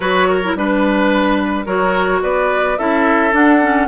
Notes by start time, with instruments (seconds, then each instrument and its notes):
0.00 bassoon F#3, clarinet F#4, oboe B4, flute C#5
0.28 oboe A#4
0.43 clarinet E4
0.55 bassoon G3, clarinet D4, flute B4, oboe B4
1.65 bassoon F#3, clarinet F#4, oboe A#4, flute C#5
2.22 bassoon B3, oboe B4, flute D5
2.78 bassoon C#4, clarinet E4, oboe A4, flute E5
3.32 clarinet D4, bassoon D4, flute F#5
3.61 clarinet C#4